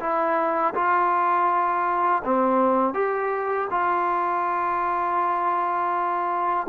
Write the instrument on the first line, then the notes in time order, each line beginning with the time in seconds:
trombone
0.00 E4
0.74 F4
2.24 C4
2.94 G4
3.70 F4